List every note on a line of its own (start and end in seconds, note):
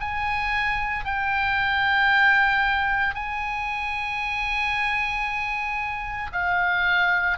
0.00 1.05 G#5
1.05 3.15 G5
3.15 6.31 G#5
6.32 7.37 F5